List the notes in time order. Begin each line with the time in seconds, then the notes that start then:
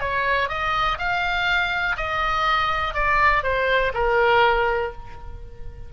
0.00 C#5
0.49 D#5
0.98 F5
1.96 D#5
2.94 D5
3.43 C5
3.94 A#4